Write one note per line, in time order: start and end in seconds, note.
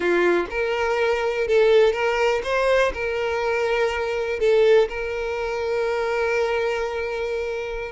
0.00 0.46 F4
0.50 1.47 A#4
1.47 1.92 A4
1.92 2.41 A#4
2.43 2.92 C5
2.93 4.39 A#4
4.39 4.88 A4
4.88 7.92 A#4